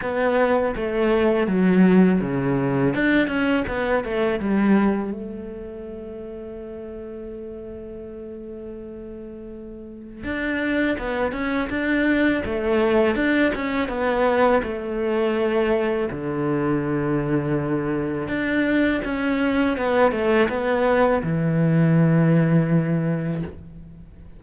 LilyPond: \new Staff \with { instrumentName = "cello" } { \time 4/4 \tempo 4 = 82 b4 a4 fis4 cis4 | d'8 cis'8 b8 a8 g4 a4~ | a1~ | a2 d'4 b8 cis'8 |
d'4 a4 d'8 cis'8 b4 | a2 d2~ | d4 d'4 cis'4 b8 a8 | b4 e2. | }